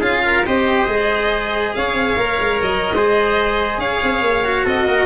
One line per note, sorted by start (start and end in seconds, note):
0.00 0.44 C#4
0.00 0.45 F4
0.00 0.22 G#4
0.00 0.45 F5
0.25 0.47 A#4
0.46 0.87 C4
0.46 0.88 G4
0.46 1.76 C5
0.46 1.74 D#5
0.87 1.74 G#3
0.87 2.18 G#4
1.74 1.93 C#4
1.74 2.95 C#5
1.74 2.61 F5
1.93 2.15 C4
2.17 2.38 A#3
2.17 2.94 A#4
2.39 2.61 G#3
2.62 2.93 F#3
2.62 3.80 D#5
2.93 3.78 G#3
2.93 4.44 G#4
2.93 3.80 C5
3.78 3.99 C#4
3.78 4.65 C#5
3.78 4.66 F5
4.03 4.21 C4
4.21 4.64 A#3
4.44 5.06 F#4
4.65 4.86 C4
4.65 4.86 A4
4.65 5.06 D#5
4.86 5.06 A#3
4.86 5.06 A#4